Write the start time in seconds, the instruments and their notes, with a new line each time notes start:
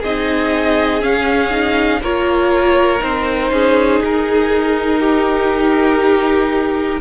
0.00 cello C4, viola D#4, violin G#4 D#5
1.02 viola C#4, cello C#4, violin F5
1.50 viola D#4
2.01 cello A#3, viola F4, violin A#4 C#5
3.00 cello C4, viola D#4, violin C5
3.51 cello C#4, violin G#4
4.01 cello D#4, violin A#4
5.00 violin G4